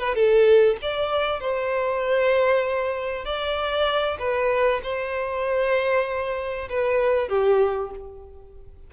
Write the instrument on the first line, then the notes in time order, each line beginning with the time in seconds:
violin
0.00 B4
0.15 A4
0.82 D5
1.41 C5
3.25 D5
4.19 B4
4.83 C5
6.70 B4
7.29 G4